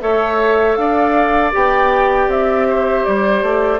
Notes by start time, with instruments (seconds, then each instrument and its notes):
0.00 bassoon A3, clarinet A4, oboe C#5, flute E5
0.75 bassoon D4, oboe D5, flute F5
1.52 bassoon B3, clarinet G4, flute G5
2.27 bassoon C4, flute E5
2.68 oboe C5
3.04 bassoon G3, flute D5
3.42 bassoon A3